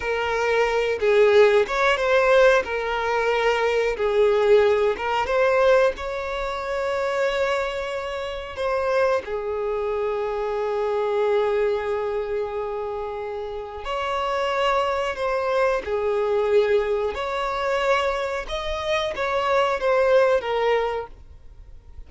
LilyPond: \new Staff \with { instrumentName = "violin" } { \time 4/4 \tempo 4 = 91 ais'4. gis'4 cis''8 c''4 | ais'2 gis'4. ais'8 | c''4 cis''2.~ | cis''4 c''4 gis'2~ |
gis'1~ | gis'4 cis''2 c''4 | gis'2 cis''2 | dis''4 cis''4 c''4 ais'4 | }